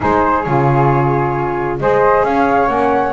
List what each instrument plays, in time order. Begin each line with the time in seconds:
0.00 double bass G#3, saxophone D#4, flute G#4 C5
0.42 double bass C#3, saxophone F4, flute C#5
1.79 double bass G#3, saxophone G#4, flute C5 D#5
2.23 double bass C#4, flute C#5 F5
2.67 double bass A#3, saxophone C#4, flute F#5